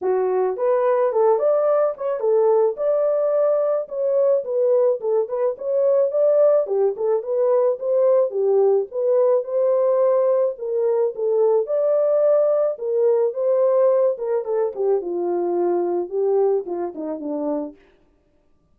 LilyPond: \new Staff \with { instrumentName = "horn" } { \time 4/4 \tempo 4 = 108 fis'4 b'4 a'8 d''4 cis''8 | a'4 d''2 cis''4 | b'4 a'8 b'8 cis''4 d''4 | g'8 a'8 b'4 c''4 g'4 |
b'4 c''2 ais'4 | a'4 d''2 ais'4 | c''4. ais'8 a'8 g'8 f'4~ | f'4 g'4 f'8 dis'8 d'4 | }